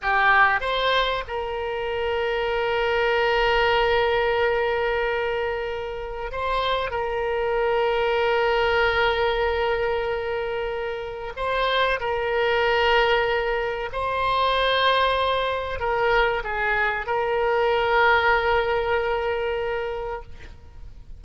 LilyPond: \new Staff \with { instrumentName = "oboe" } { \time 4/4 \tempo 4 = 95 g'4 c''4 ais'2~ | ais'1~ | ais'2 c''4 ais'4~ | ais'1~ |
ais'2 c''4 ais'4~ | ais'2 c''2~ | c''4 ais'4 gis'4 ais'4~ | ais'1 | }